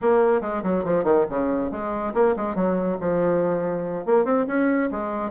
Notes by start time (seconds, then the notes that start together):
0.01 A#3
0.41 G#3
0.63 F#3
0.84 F3
1.04 D#3
1.29 C#3
1.71 G#3
2.14 A#3
2.36 G#3
2.55 F#3
3.00 F3
4.05 A#3
4.24 C4
4.47 C#4
4.91 G#3